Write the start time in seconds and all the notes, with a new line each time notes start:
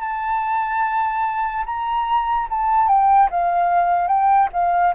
0.00 A5
1.66 A#5
2.50 A5
2.88 G5
3.30 F5
4.08 G5
4.53 F5